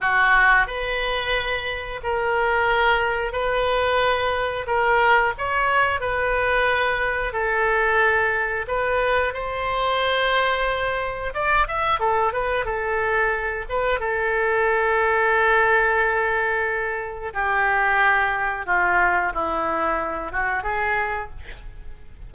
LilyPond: \new Staff \with { instrumentName = "oboe" } { \time 4/4 \tempo 4 = 90 fis'4 b'2 ais'4~ | ais'4 b'2 ais'4 | cis''4 b'2 a'4~ | a'4 b'4 c''2~ |
c''4 d''8 e''8 a'8 b'8 a'4~ | a'8 b'8 a'2.~ | a'2 g'2 | f'4 e'4. fis'8 gis'4 | }